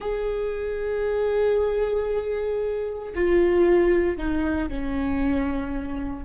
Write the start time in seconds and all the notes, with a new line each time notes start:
0.00 G#4
3.14 F4
4.17 D#4
4.68 C#4